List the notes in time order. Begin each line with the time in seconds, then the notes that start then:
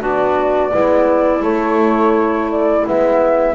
0.00 B3 D4 F#4 D5
0.72 G#3 B3 E4
1.40 A3 C#5
2.51 D5
2.87 G#3 B3 E5